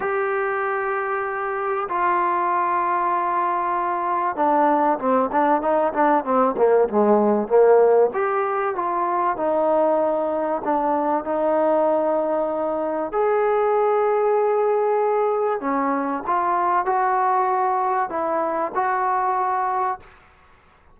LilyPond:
\new Staff \with { instrumentName = "trombone" } { \time 4/4 \tempo 4 = 96 g'2. f'4~ | f'2. d'4 | c'8 d'8 dis'8 d'8 c'8 ais8 gis4 | ais4 g'4 f'4 dis'4~ |
dis'4 d'4 dis'2~ | dis'4 gis'2.~ | gis'4 cis'4 f'4 fis'4~ | fis'4 e'4 fis'2 | }